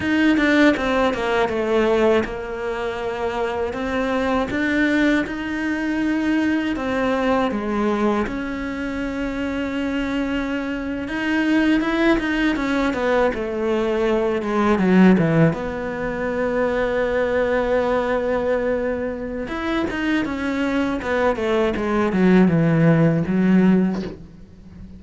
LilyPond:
\new Staff \with { instrumentName = "cello" } { \time 4/4 \tempo 4 = 80 dis'8 d'8 c'8 ais8 a4 ais4~ | ais4 c'4 d'4 dis'4~ | dis'4 c'4 gis4 cis'4~ | cis'2~ cis'8. dis'4 e'16~ |
e'16 dis'8 cis'8 b8 a4. gis8 fis16~ | fis16 e8 b2.~ b16~ | b2 e'8 dis'8 cis'4 | b8 a8 gis8 fis8 e4 fis4 | }